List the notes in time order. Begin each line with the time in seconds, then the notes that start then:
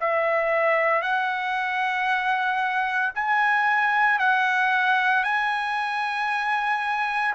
0.00 E5
1.02 F#5
3.14 G#5
4.19 F#5
5.23 G#5